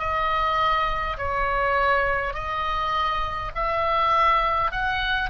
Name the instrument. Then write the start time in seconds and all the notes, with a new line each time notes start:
oboe
0.00 D#5
1.18 C#5
2.34 D#5
3.56 E5
4.72 F#5